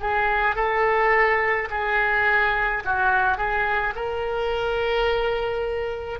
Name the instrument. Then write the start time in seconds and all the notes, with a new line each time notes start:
oboe
0.00 G#4
0.56 A4
1.70 G#4
2.85 F#4
3.38 G#4
3.95 A#4